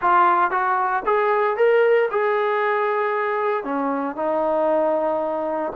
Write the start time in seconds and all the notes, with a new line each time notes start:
0.01 F4
0.50 F#4
1.05 G#4
1.57 A#4
2.10 G#4
3.64 C#4
4.15 D#4